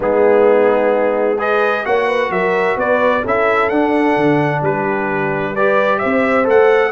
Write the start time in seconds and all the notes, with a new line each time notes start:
0.00 G#3 B3 D#4 G#4
1.37 G#4 B4 D#5
1.84 A#3 F#4 C#5 F#5
2.07 B4
2.29 F#3 A#4 E5
2.76 B3 B4 D5
3.22 C#4 E4 A4 E5
3.69 D4 F#5
4.16 D3
4.62 G3 G4 B4
5.52 G4 B4 D5
5.99 C4 C5 E5
6.43 A3 A4 F#5